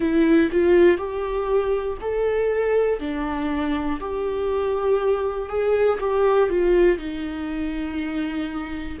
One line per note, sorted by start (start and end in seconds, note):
0.00 0.50 E4
0.51 0.97 F4
0.97 1.97 G4
2.01 3.00 A4
3.00 4.00 D4
4.00 5.48 G4
5.48 5.98 G#4
6.00 6.49 G4
6.49 6.97 F4
6.97 8.97 D#4